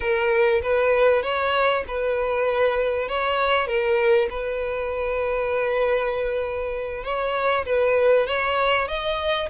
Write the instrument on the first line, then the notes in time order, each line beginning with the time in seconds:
violin
0.00 A#4
0.62 B4
1.22 C#5
1.87 B4
3.08 C#5
3.67 A#4
4.30 B4
7.04 C#5
7.65 B4
8.27 C#5
8.88 D#5